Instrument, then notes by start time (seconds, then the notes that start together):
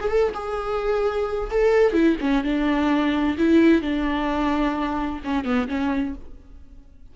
viola
0.00 G#4
0.09 A4
0.34 G#4
1.50 A4
1.93 E4
2.21 C#4
2.44 D4
3.38 E4
3.82 D4
5.24 C#4
5.44 B3
5.68 C#4